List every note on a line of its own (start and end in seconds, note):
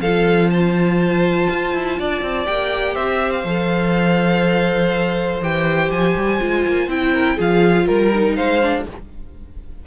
0.00 1.48 F3
0.00 2.46 F4
0.00 0.51 A4
0.00 0.50 F5
0.50 1.99 C5
0.50 2.46 A5
1.50 1.74 F4
1.74 1.98 E4
1.99 2.22 D4
1.99 2.94 D5
2.22 2.47 C4
2.46 2.97 A#3
2.46 3.44 G4
2.46 2.95 G5
2.94 3.44 C4
2.94 7.12 C5
2.94 3.32 E5
3.32 5.41 F5
3.44 5.40 F3
3.44 5.42 A4
5.40 5.89 E3
5.40 6.40 G4
5.40 5.91 G5
5.91 6.15 F3
5.91 6.89 G#5
6.16 6.41 G3
6.40 6.66 G#3
6.40 6.89 F4
6.67 6.87 A#3
6.87 7.37 C4
6.87 7.38 E4
6.87 7.39 G5
7.13 7.36 A#4
7.36 7.88 F3
7.36 8.12 F4
7.36 7.85 G#4
7.36 7.87 F5
7.87 8.37 G3
7.87 8.36 A#4
8.14 8.61 D#4
8.36 8.86 G#3
8.36 8.85 C5
8.36 8.85 F5
8.61 8.86 D4